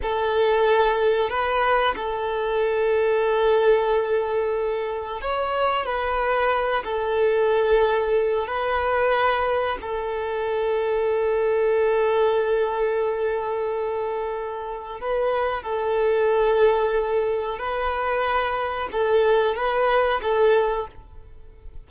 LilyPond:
\new Staff \with { instrumentName = "violin" } { \time 4/4 \tempo 4 = 92 a'2 b'4 a'4~ | a'1 | cis''4 b'4. a'4.~ | a'4 b'2 a'4~ |
a'1~ | a'2. b'4 | a'2. b'4~ | b'4 a'4 b'4 a'4 | }